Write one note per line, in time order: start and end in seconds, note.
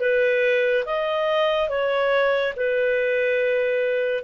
0.00 0.85 B4
0.86 1.69 D#5
1.69 2.54 C#5
2.57 4.24 B4